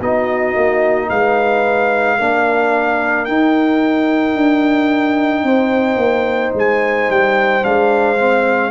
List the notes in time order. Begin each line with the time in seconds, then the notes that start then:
0.00 B3 D#4 F#4 D#5
0.55 A#3
1.10 G#3 B4 F5
2.19 A#3 D4 A#4
3.25 D#4 G5
4.36 D4
5.44 C4 C5
5.97 A#3
6.54 G#3 G#5
7.09 G3 G5
7.62 G#3 D4 F5
8.18 C4